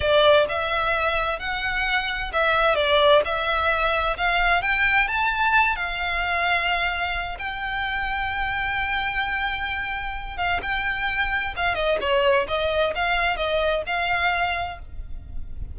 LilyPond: \new Staff \with { instrumentName = "violin" } { \time 4/4 \tempo 4 = 130 d''4 e''2 fis''4~ | fis''4 e''4 d''4 e''4~ | e''4 f''4 g''4 a''4~ | a''8 f''2.~ f''8 |
g''1~ | g''2~ g''8 f''8 g''4~ | g''4 f''8 dis''8 cis''4 dis''4 | f''4 dis''4 f''2 | }